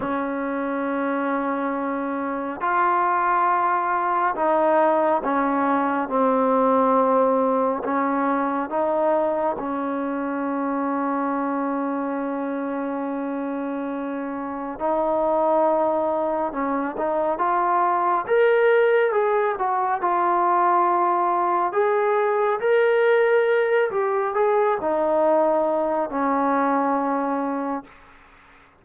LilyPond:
\new Staff \with { instrumentName = "trombone" } { \time 4/4 \tempo 4 = 69 cis'2. f'4~ | f'4 dis'4 cis'4 c'4~ | c'4 cis'4 dis'4 cis'4~ | cis'1~ |
cis'4 dis'2 cis'8 dis'8 | f'4 ais'4 gis'8 fis'8 f'4~ | f'4 gis'4 ais'4. g'8 | gis'8 dis'4. cis'2 | }